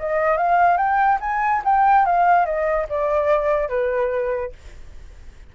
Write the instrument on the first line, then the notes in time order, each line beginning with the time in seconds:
flute
0.00 D#5
0.38 F5
0.78 G5
1.21 G#5
1.65 G5
2.06 F5
2.46 D#5
2.90 D5
3.70 B4